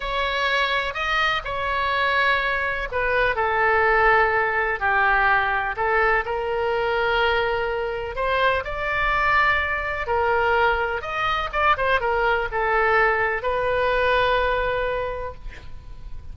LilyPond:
\new Staff \with { instrumentName = "oboe" } { \time 4/4 \tempo 4 = 125 cis''2 dis''4 cis''4~ | cis''2 b'4 a'4~ | a'2 g'2 | a'4 ais'2.~ |
ais'4 c''4 d''2~ | d''4 ais'2 dis''4 | d''8 c''8 ais'4 a'2 | b'1 | }